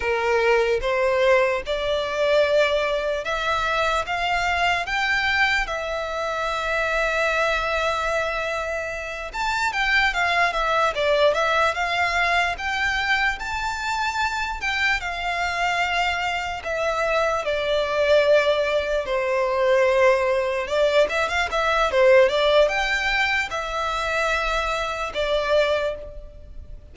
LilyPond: \new Staff \with { instrumentName = "violin" } { \time 4/4 \tempo 4 = 74 ais'4 c''4 d''2 | e''4 f''4 g''4 e''4~ | e''2.~ e''8 a''8 | g''8 f''8 e''8 d''8 e''8 f''4 g''8~ |
g''8 a''4. g''8 f''4.~ | f''8 e''4 d''2 c''8~ | c''4. d''8 e''16 f''16 e''8 c''8 d''8 | g''4 e''2 d''4 | }